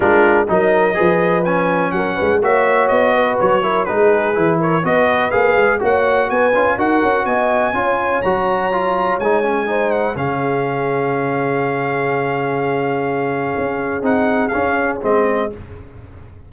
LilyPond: <<
  \new Staff \with { instrumentName = "trumpet" } { \time 4/4 \tempo 4 = 124 ais'4 dis''2 gis''4 | fis''4 e''4 dis''4 cis''4 | b'4. cis''8 dis''4 f''4 | fis''4 gis''4 fis''4 gis''4~ |
gis''4 ais''2 gis''4~ | gis''8 fis''8 f''2.~ | f''1~ | f''4 fis''4 f''4 dis''4 | }
  \new Staff \with { instrumentName = "horn" } { \time 4/4 f'4 ais'4 b'2 | ais'8 b'8 cis''4. b'4 ais'8 | gis'4. ais'8 b'2 | cis''4 b'4 ais'4 dis''4 |
cis''1 | c''4 gis'2.~ | gis'1~ | gis'1 | }
  \new Staff \with { instrumentName = "trombone" } { \time 4/4 d'4 dis'4 gis'4 cis'4~ | cis'4 fis'2~ fis'8 e'8 | dis'4 e'4 fis'4 gis'4 | fis'4. f'8 fis'2 |
f'4 fis'4 f'4 dis'8 cis'8 | dis'4 cis'2.~ | cis'1~ | cis'4 dis'4 cis'4 c'4 | }
  \new Staff \with { instrumentName = "tuba" } { \time 4/4 gis4 fis4 f2 | fis8 gis8 ais4 b4 fis4 | gis4 e4 b4 ais8 gis8 | ais4 b8 cis'8 dis'8 cis'8 b4 |
cis'4 fis2 gis4~ | gis4 cis2.~ | cis1 | cis'4 c'4 cis'4 gis4 | }
>>